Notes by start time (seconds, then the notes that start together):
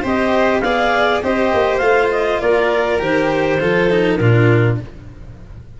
0.00 C4 G4 C5 D#5
0.60 B3 G#4 D5 F5
1.23 C4 G4 C5 D#5
1.53 A#3
1.77 A3 F4 F5
2.11 D#5
2.40 A#3 A#4 D5
2.99 D#3 G4 C5
3.60 F3 F4 A4
3.90 D#4
4.15 A#2 D4 F4 A#4